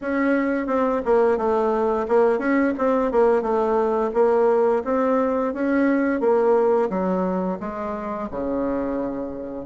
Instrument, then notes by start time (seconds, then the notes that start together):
bassoon
0.01 C#4
0.66 C4
1.05 A#3
1.37 A3
2.08 A#3
2.38 C#4
2.77 C4
3.11 A#3
3.41 A3
4.13 A#3
4.84 C4
5.53 C#4
6.20 A#3
6.89 F#3
7.60 G#3
8.30 C#3